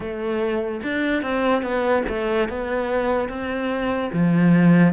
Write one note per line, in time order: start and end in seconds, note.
0.00 0.81 A3
0.83 1.22 D4
1.22 1.62 C4
1.62 2.03 B3
2.08 2.48 A3
2.48 3.28 B3
3.28 4.11 C4
4.12 4.93 F3